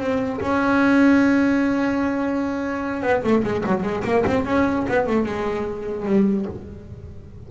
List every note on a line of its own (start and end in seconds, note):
0.00 0.41 C4
0.41 3.03 C#4
3.03 3.23 B3
3.24 3.44 A3
3.44 3.64 G#3
3.66 3.83 F#3
3.83 4.04 G#3
4.04 4.25 A#3
4.27 4.46 C4
4.46 4.86 C#4
4.89 5.07 B3
5.07 5.26 A3
5.26 6.06 G#3
6.06 6.46 G3